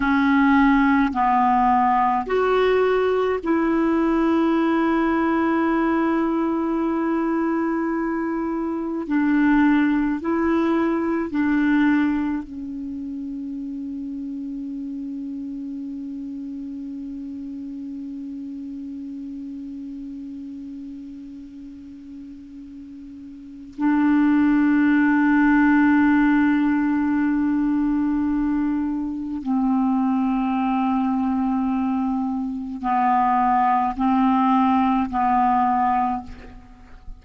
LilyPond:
\new Staff \with { instrumentName = "clarinet" } { \time 4/4 \tempo 4 = 53 cis'4 b4 fis'4 e'4~ | e'1 | d'4 e'4 d'4 cis'4~ | cis'1~ |
cis'1~ | cis'4 d'2.~ | d'2 c'2~ | c'4 b4 c'4 b4 | }